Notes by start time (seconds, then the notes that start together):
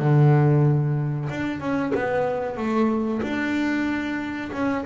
0.00 D3
1.30 D4
1.60 C#4
1.95 B3
2.57 A3
3.23 D4
4.53 C#4